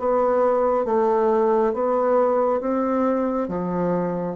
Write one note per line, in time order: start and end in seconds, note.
0.00 0.85 B3
0.85 1.74 A3
1.74 2.61 B3
2.61 3.49 C4
3.49 4.37 F3